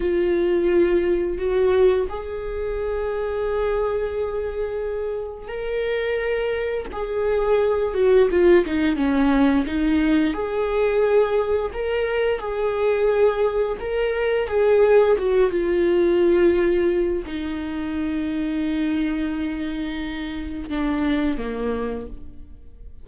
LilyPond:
\new Staff \with { instrumentName = "viola" } { \time 4/4 \tempo 4 = 87 f'2 fis'4 gis'4~ | gis'1 | ais'2 gis'4. fis'8 | f'8 dis'8 cis'4 dis'4 gis'4~ |
gis'4 ais'4 gis'2 | ais'4 gis'4 fis'8 f'4.~ | f'4 dis'2.~ | dis'2 d'4 ais4 | }